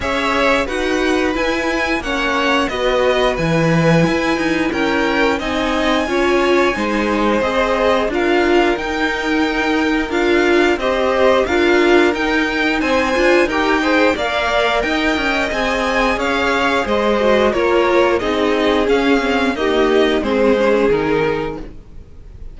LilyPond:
<<
  \new Staff \with { instrumentName = "violin" } { \time 4/4 \tempo 4 = 89 e''4 fis''4 gis''4 fis''4 | dis''4 gis''2 g''4 | gis''2. dis''4 | f''4 g''2 f''4 |
dis''4 f''4 g''4 gis''4 | g''4 f''4 g''4 gis''4 | f''4 dis''4 cis''4 dis''4 | f''4 dis''4 c''4 ais'4 | }
  \new Staff \with { instrumentName = "violin" } { \time 4/4 cis''4 b'2 cis''4 | b'2. ais'4 | dis''4 cis''4 c''2 | ais'1 |
c''4 ais'2 c''4 | ais'8 c''8 d''4 dis''2 | cis''4 c''4 ais'4 gis'4~ | gis'4 g'4 gis'2 | }
  \new Staff \with { instrumentName = "viola" } { \time 4/4 gis'4 fis'4 e'4 cis'4 | fis'4 e'2. | dis'4 f'4 dis'4 gis'4 | f'4 dis'2 f'4 |
g'4 f'4 dis'4. f'8 | g'8 gis'8 ais'2 gis'4~ | gis'4. fis'8 f'4 dis'4 | cis'8 c'8 ais4 c'8 cis'8 dis'4 | }
  \new Staff \with { instrumentName = "cello" } { \time 4/4 cis'4 dis'4 e'4 ais4 | b4 e4 e'8 dis'8 cis'4 | c'4 cis'4 gis4 c'4 | d'4 dis'2 d'4 |
c'4 d'4 dis'4 c'8 d'8 | dis'4 ais4 dis'8 cis'8 c'4 | cis'4 gis4 ais4 c'4 | cis'4 dis'4 gis4 dis4 | }
>>